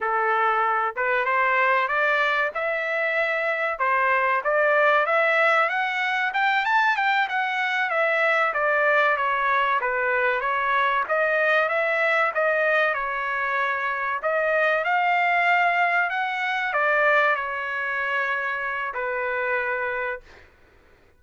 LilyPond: \new Staff \with { instrumentName = "trumpet" } { \time 4/4 \tempo 4 = 95 a'4. b'8 c''4 d''4 | e''2 c''4 d''4 | e''4 fis''4 g''8 a''8 g''8 fis''8~ | fis''8 e''4 d''4 cis''4 b'8~ |
b'8 cis''4 dis''4 e''4 dis''8~ | dis''8 cis''2 dis''4 f''8~ | f''4. fis''4 d''4 cis''8~ | cis''2 b'2 | }